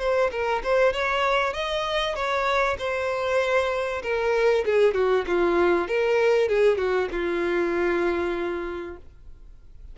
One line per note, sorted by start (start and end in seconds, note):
0.00 0.31 C5
0.32 0.63 A#4
0.64 0.93 C5
0.93 1.54 C#5
1.54 2.16 D#5
2.16 2.78 C#5
2.79 4.03 C5
4.03 4.65 A#4
4.66 4.95 G#4
4.95 5.25 F#4
5.27 5.88 F4
5.88 6.49 A#4
6.49 6.78 G#4
6.78 7.09 F#4
7.12 8.97 F4